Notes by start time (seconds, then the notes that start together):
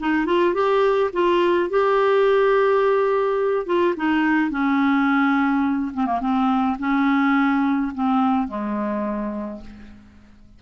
0.00 D#4
0.26 F4
0.54 G4
1.13 F4
1.70 G4
3.66 F4
3.96 D#4
4.51 C#4
5.94 C4
6.06 A#3
6.21 C4
6.79 C#4
7.95 C4
8.48 G#3